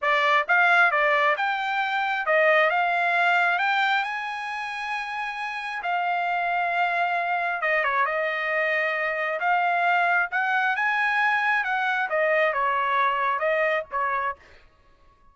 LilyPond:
\new Staff \with { instrumentName = "trumpet" } { \time 4/4 \tempo 4 = 134 d''4 f''4 d''4 g''4~ | g''4 dis''4 f''2 | g''4 gis''2.~ | gis''4 f''2.~ |
f''4 dis''8 cis''8 dis''2~ | dis''4 f''2 fis''4 | gis''2 fis''4 dis''4 | cis''2 dis''4 cis''4 | }